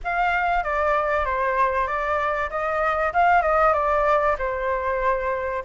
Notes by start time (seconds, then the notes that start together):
0.03 F5
0.63 D5
1.25 C5
1.87 D5
2.50 D#5
3.13 F5
3.42 D#5
3.73 D5
4.38 C5